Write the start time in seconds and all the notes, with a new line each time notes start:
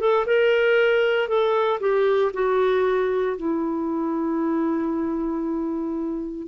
0.00 A4
0.26 A#4
1.28 A4
1.80 G4
2.33 F#4
3.37 E4